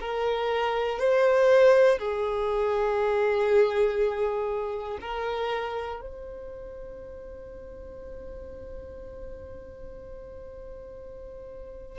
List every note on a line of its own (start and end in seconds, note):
0.00 1.00 A#4
1.00 1.99 C5
1.99 4.99 G#4
5.01 6.01 A#4
6.01 11.99 C5